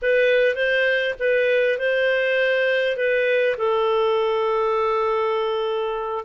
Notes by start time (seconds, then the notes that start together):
0.02 B4
0.55 C5
1.19 B4
1.78 C5
2.96 B4
3.57 A4